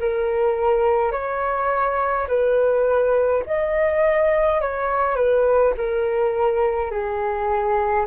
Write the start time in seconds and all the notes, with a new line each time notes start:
0.00 A#4
1.12 C#5
2.28 B4
3.47 D#5
4.62 C#5
5.16 B4
5.78 A#4
6.91 G#4